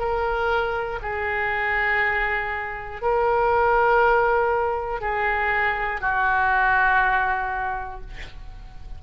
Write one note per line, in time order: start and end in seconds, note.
0.00 1.00 A#4
1.03 3.02 G#4
3.02 5.01 A#4
5.01 6.01 G#4
6.01 8.01 F#4